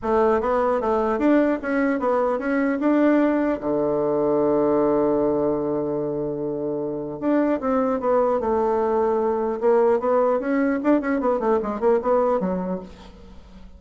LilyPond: \new Staff \with { instrumentName = "bassoon" } { \time 4/4 \tempo 4 = 150 a4 b4 a4 d'4 | cis'4 b4 cis'4 d'4~ | d'4 d2.~ | d1~ |
d2 d'4 c'4 | b4 a2. | ais4 b4 cis'4 d'8 cis'8 | b8 a8 gis8 ais8 b4 fis4 | }